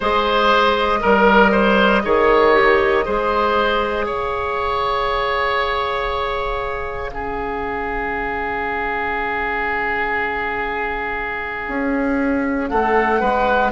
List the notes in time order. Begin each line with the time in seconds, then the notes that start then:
0.00 G#3 G#4 C5 D#5
1.00 G3 A#4
1.51 C5
2.03 D#3 G#4 C#5
2.52 G4
3.05 G#3 G#4 C5
4.04 C#3 C#5 F5
7.11 C#4 G#4
11.67 C#4
12.68 A3 A4 F#5
13.20 G#3 B4